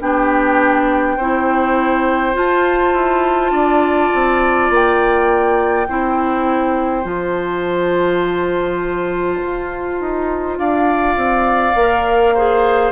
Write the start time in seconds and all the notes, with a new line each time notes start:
0.00 B3 D4 G4 G5
1.16 C4 E4 C5
2.33 F4 A5
2.93 E4
3.50 D4 D5
4.13 C4
4.70 A#3 G5
5.88 C4 E4 C5
7.02 F3 F4 A5
9.41 F4
10.00 D#4
10.57 D4 D5 F5
11.16 C4
11.75 A#3 A#4
12.34 G#4 C5